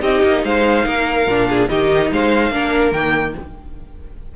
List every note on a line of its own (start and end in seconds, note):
0.00 0.22 C4
0.00 1.25 D#4
0.00 0.43 G4
0.00 0.45 D#5
0.23 0.44 A#3
0.44 0.86 G#3
0.44 0.86 C5
0.44 1.69 F5
0.86 1.27 A#3
0.86 1.48 A#4
1.27 1.69 A#2
1.27 1.70 D4
1.49 1.70 G#4
1.69 2.11 D#3
1.69 2.52 D#4
1.69 2.12 G4
1.69 2.10 D#5
2.11 2.51 G#3
2.11 2.53 C5
2.11 2.93 F5
2.51 2.92 A#3
2.51 2.93 D4
2.51 3.36 A#4
2.93 3.34 D#3
2.93 3.36 A#3
2.93 3.34 G5